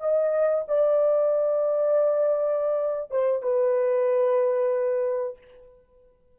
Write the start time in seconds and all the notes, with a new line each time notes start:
0.00 D#5
0.68 D5
3.11 C5
3.42 B4